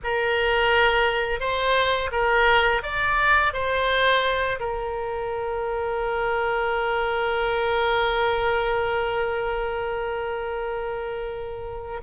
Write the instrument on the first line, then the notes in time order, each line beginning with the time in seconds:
oboe
0.03 A#4
1.39 C5
2.11 A#4
2.82 D5
3.53 C5
4.59 A#4